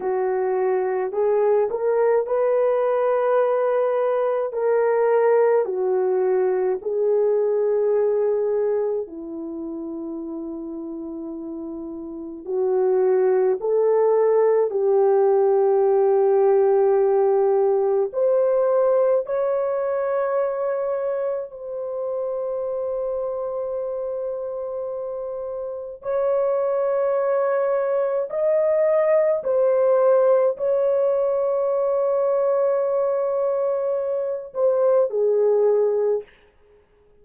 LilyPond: \new Staff \with { instrumentName = "horn" } { \time 4/4 \tempo 4 = 53 fis'4 gis'8 ais'8 b'2 | ais'4 fis'4 gis'2 | e'2. fis'4 | a'4 g'2. |
c''4 cis''2 c''4~ | c''2. cis''4~ | cis''4 dis''4 c''4 cis''4~ | cis''2~ cis''8 c''8 gis'4 | }